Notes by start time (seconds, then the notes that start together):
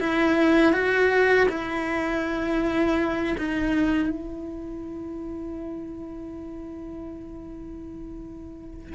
0.00 E4
0.73 F#4
1.49 E4
3.38 D#4
4.10 E4